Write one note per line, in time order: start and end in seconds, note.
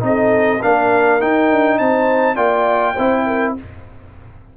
0.00 0.62 C4
0.00 0.59 D#4
0.00 0.62 D#5
0.06 0.61 A4
0.61 1.23 A#3
0.61 1.20 D4
0.61 1.78 A#4
0.61 1.21 F5
1.20 2.36 D#4
1.20 1.51 D#4
1.20 1.78 G5
1.51 1.80 D4
1.78 2.37 C4
1.78 2.36 C5
1.78 2.36 A5
2.36 2.96 A#3
2.36 2.95 F4
2.36 2.94 D5
2.36 3.54 G5
2.94 3.57 C4
2.94 3.57 E4
2.94 3.24 C5
3.26 3.56 A#4